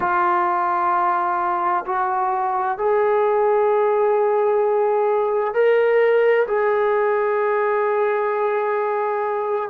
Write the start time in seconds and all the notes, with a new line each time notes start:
0.00 F4
1.85 F#4
2.77 G#4
5.54 A#4
6.47 G#4